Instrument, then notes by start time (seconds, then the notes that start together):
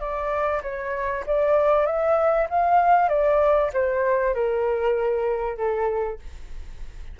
flute
0.00 D5
0.63 C#5
1.27 D5
1.86 E5
2.50 F5
3.09 D5
3.73 C5
4.34 A#4
5.58 A4